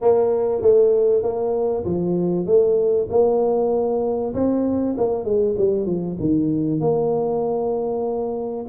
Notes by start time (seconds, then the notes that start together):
0.01 A#3
0.61 A3
1.22 A#3
1.84 F3
2.46 A3
3.10 A#3
4.34 C4
4.97 A#3
5.24 G#3
5.58 G3
5.85 F3
6.19 D#3
6.80 A#3